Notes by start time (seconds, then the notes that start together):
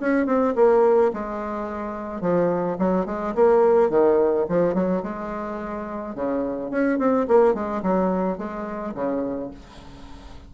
0.00 C#4
0.26 C4
0.55 A#3
1.13 G#3
2.21 F3
2.79 F#3
3.06 G#3
3.35 A#3
3.90 D#3
4.49 F3
4.74 F#3
5.03 G#3
6.15 C#3
6.70 C#4
6.98 C4
7.28 A#3
7.54 G#3
7.83 F#3
8.38 G#3
8.94 C#3